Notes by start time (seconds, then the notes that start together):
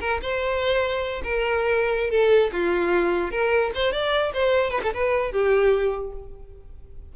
0.00 A#4
0.22 C5
1.23 A#4
2.10 A4
2.52 F4
3.31 A#4
3.75 C5
3.92 D5
4.33 C5
4.70 B4
4.83 A4
4.93 B4
5.32 G4